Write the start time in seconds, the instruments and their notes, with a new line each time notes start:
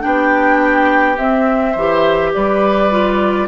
0.00 bassoon B3, clarinet D4, oboe G4, flute G5
1.17 bassoon C4, clarinet C4, flute E5
1.71 bassoon E3, oboe C5
1.78 clarinet G4
2.33 bassoon G3, oboe B4, flute D5
2.91 clarinet F4